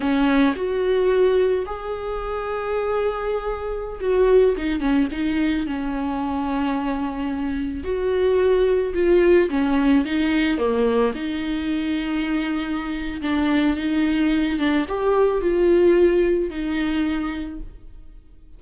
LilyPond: \new Staff \with { instrumentName = "viola" } { \time 4/4 \tempo 4 = 109 cis'4 fis'2 gis'4~ | gis'2.~ gis'16 fis'8.~ | fis'16 dis'8 cis'8 dis'4 cis'4.~ cis'16~ | cis'2~ cis'16 fis'4.~ fis'16~ |
fis'16 f'4 cis'4 dis'4 ais8.~ | ais16 dis'2.~ dis'8. | d'4 dis'4. d'8 g'4 | f'2 dis'2 | }